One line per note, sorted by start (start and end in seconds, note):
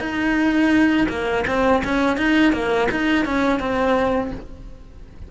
0.00 1.07 D#4
1.09 1.44 A#3
1.47 1.83 C4
1.84 2.18 C#4
2.18 2.53 D#4
2.53 2.88 A#3
2.91 3.25 D#4
3.25 3.60 C#4
3.60 4.31 C4